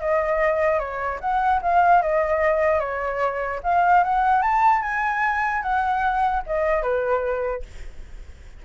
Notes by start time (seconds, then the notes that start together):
0.00 D#5
0.79 C#5
1.21 F#5
1.62 F5
2.02 D#5
2.80 C#5
3.64 F5
4.04 F#5
4.42 A5
4.82 G#5
5.62 F#5
6.46 D#5
6.82 B4